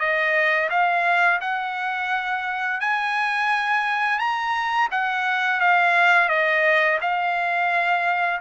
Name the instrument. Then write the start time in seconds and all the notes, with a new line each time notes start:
trumpet
0.00 D#5
0.70 F5
1.41 F#5
2.81 G#5
4.19 A#5
4.92 F#5
5.61 F5
6.29 D#5
7.01 F5